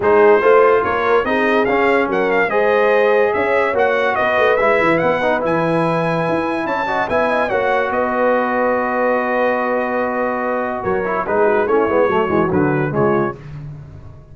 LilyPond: <<
  \new Staff \with { instrumentName = "trumpet" } { \time 4/4 \tempo 4 = 144 c''2 cis''4 dis''4 | f''4 fis''8 f''8 dis''2 | e''4 fis''4 dis''4 e''4 | fis''4 gis''2. |
a''4 gis''4 fis''4 dis''4~ | dis''1~ | dis''2 cis''4 b'4 | cis''2 b'4 cis''4 | }
  \new Staff \with { instrumentName = "horn" } { \time 4/4 gis'4 c''4 ais'4 gis'4~ | gis'4 ais'4 c''2 | cis''2 b'2~ | b'1 |
cis''8 dis''8 e''8 dis''8 cis''4 b'4~ | b'1~ | b'2 ais'4 gis'8 fis'8 | e'4 fis'2 f'4 | }
  \new Staff \with { instrumentName = "trombone" } { \time 4/4 dis'4 f'2 dis'4 | cis'2 gis'2~ | gis'4 fis'2 e'4~ | e'8 dis'8 e'2.~ |
e'8 fis'8 e'4 fis'2~ | fis'1~ | fis'2~ fis'8 e'8 dis'4 | cis'8 b8 a8 gis8 fis4 gis4 | }
  \new Staff \with { instrumentName = "tuba" } { \time 4/4 gis4 a4 ais4 c'4 | cis'4 fis4 gis2 | cis'4 ais4 b8 a8 gis8 e8 | b4 e2 e'4 |
cis'4 b4 ais4 b4~ | b1~ | b2 fis4 gis4 | a8 gis8 fis8 e8 d4 cis4 | }
>>